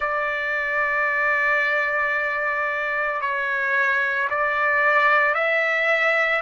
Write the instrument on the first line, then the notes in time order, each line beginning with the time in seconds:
trumpet
0.00 D5
3.21 C#5
4.30 D5
5.34 E5